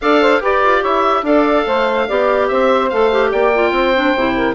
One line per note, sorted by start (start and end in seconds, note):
0.01 0.39 D4
0.01 0.42 A4
0.01 0.21 D5
0.01 0.42 F5
0.21 0.41 C5
0.39 0.60 G4
0.39 1.24 G4
0.39 0.80 B4
0.39 0.83 D5
0.63 0.83 F4
0.80 1.23 E4
0.80 1.22 C#5
0.80 1.25 E5
1.23 1.64 D4
1.23 2.07 A4
1.23 1.65 D5
1.23 2.47 F5
1.65 2.08 A3
1.65 2.07 C5
2.07 2.50 B3
2.07 2.91 G4
2.07 2.48 D5
2.47 2.91 C4
2.47 3.30 C5
2.47 2.89 E5
2.89 3.32 A3
2.89 3.11 A4
2.89 3.30 F5
3.11 3.53 G4
3.30 3.71 A#3
3.30 3.71 D5
3.30 4.54 G5
3.54 3.95 F4
3.71 4.13 C4
3.71 4.35 C5
3.95 4.16 D4
4.15 4.54 C3
4.15 4.54 E4
4.35 4.54 A#4